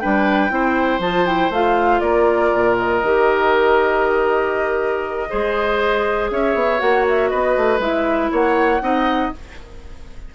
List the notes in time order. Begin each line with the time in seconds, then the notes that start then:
0.00 G3 D4 B4 G5
0.50 C4 E4 C5
0.99 F3 F4 A5
1.26 E4 G5
1.50 A3 F4 F5
2.00 A#3 A#4 D5
2.53 A#2
2.78 D#5
3.03 D#3 G4
5.30 G#3 G#4 C5
6.31 C#4 C#5 E5
6.55 B3
6.78 A#3 F#4 F#5
7.09 E5
7.29 B3 B4 D#5
7.57 A3
7.79 G#3 E4 E5
8.32 A#3 C#5 F#5
8.81 C4 D#4 D#5